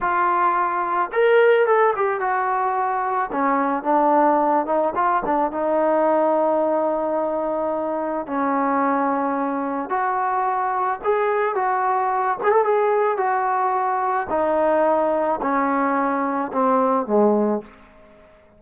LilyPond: \new Staff \with { instrumentName = "trombone" } { \time 4/4 \tempo 4 = 109 f'2 ais'4 a'8 g'8 | fis'2 cis'4 d'4~ | d'8 dis'8 f'8 d'8 dis'2~ | dis'2. cis'4~ |
cis'2 fis'2 | gis'4 fis'4. gis'16 a'16 gis'4 | fis'2 dis'2 | cis'2 c'4 gis4 | }